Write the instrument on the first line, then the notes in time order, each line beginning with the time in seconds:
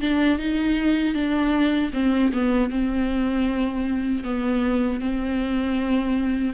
viola
0.00 D4
0.38 D#4
1.14 D4
1.93 C4
2.32 B3
2.70 C4
4.23 B3
5.00 C4